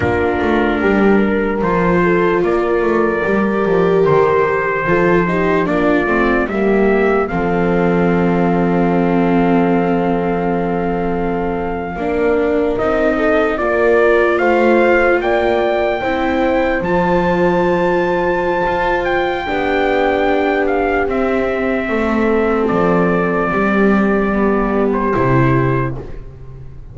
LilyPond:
<<
  \new Staff \with { instrumentName = "trumpet" } { \time 4/4 \tempo 4 = 74 ais'2 c''4 d''4~ | d''4 c''2 d''4 | e''4 f''2.~ | f''2.~ f''8. dis''16~ |
dis''8. d''4 f''4 g''4~ g''16~ | g''8. a''2~ a''8. g''8~ | g''4. f''8 e''2 | d''2~ d''8. c''4~ c''16 | }
  \new Staff \with { instrumentName = "horn" } { \time 4/4 f'4 g'8 ais'4 a'8 ais'4~ | ais'2 a'8 g'8 f'4 | g'4 a'2.~ | a'2~ a'8. ais'4~ ais'16~ |
ais'16 a'8 ais'4 c''4 d''4 c''16~ | c''1 | g'2. a'4~ | a'4 g'2. | }
  \new Staff \with { instrumentName = "viola" } { \time 4/4 d'2 f'2 | g'2 f'8 dis'8 d'8 c'8 | ais4 c'2.~ | c'2~ c'8. d'4 dis'16~ |
dis'8. f'2. e'16~ | e'8. f'2.~ f'16 | d'2 c'2~ | c'2 b4 e'4 | }
  \new Staff \with { instrumentName = "double bass" } { \time 4/4 ais8 a8 g4 f4 ais8 a8 | g8 f8 dis4 f4 ais8 a8 | g4 f2.~ | f2~ f8. ais4 c'16~ |
c'8. ais4 a4 ais4 c'16~ | c'8. f2~ f16 f'4 | b2 c'4 a4 | f4 g2 c4 | }
>>